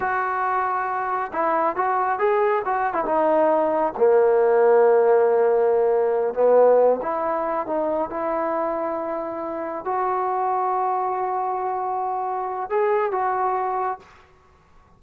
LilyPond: \new Staff \with { instrumentName = "trombone" } { \time 4/4 \tempo 4 = 137 fis'2. e'4 | fis'4 gis'4 fis'8. e'16 dis'4~ | dis'4 ais2.~ | ais2~ ais8 b4. |
e'4. dis'4 e'4.~ | e'2~ e'8 fis'4.~ | fis'1~ | fis'4 gis'4 fis'2 | }